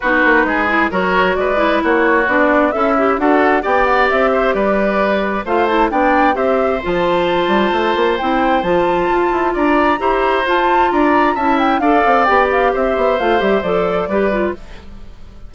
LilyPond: <<
  \new Staff \with { instrumentName = "flute" } { \time 4/4 \tempo 4 = 132 b'2 cis''4 d''4 | cis''4 d''4 e''4 fis''4 | g''8 fis''8 e''4 d''2 | f''8 a''8 g''4 e''4 a''4~ |
a''2 g''4 a''4~ | a''4 ais''2 a''4 | ais''4 a''8 g''8 f''4 g''8 f''8 | e''4 f''8 e''8 d''2 | }
  \new Staff \with { instrumentName = "oboe" } { \time 4/4 fis'4 gis'4 ais'4 b'4 | fis'2 e'4 a'4 | d''4. c''8 b'2 | c''4 d''4 c''2~ |
c''1~ | c''4 d''4 c''2 | d''4 e''4 d''2 | c''2. b'4 | }
  \new Staff \with { instrumentName = "clarinet" } { \time 4/4 dis'4. e'8 fis'4. e'8~ | e'4 d'4 a'8 g'8 fis'4 | g'1 | f'8 e'8 d'4 g'4 f'4~ |
f'2 e'4 f'4~ | f'2 g'4 f'4~ | f'4 e'4 a'4 g'4~ | g'4 f'8 g'8 a'4 g'8 f'8 | }
  \new Staff \with { instrumentName = "bassoon" } { \time 4/4 b8 ais8 gis4 fis4 gis4 | ais4 b4 cis'4 d'4 | b4 c'4 g2 | a4 b4 c'4 f4~ |
f8 g8 a8 ais8 c'4 f4 | f'8 e'8 d'4 e'4 f'4 | d'4 cis'4 d'8 c'8 b4 | c'8 b8 a8 g8 f4 g4 | }
>>